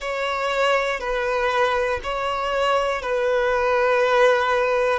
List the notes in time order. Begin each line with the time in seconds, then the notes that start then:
0.00 C#5
1.00 B4
2.03 C#5
3.01 B4